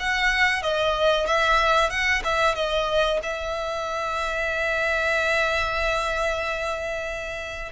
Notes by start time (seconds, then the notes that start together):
0.00 F#5
0.62 D#5
1.27 E5
1.90 F#5
2.24 E5
2.55 D#5
3.23 E5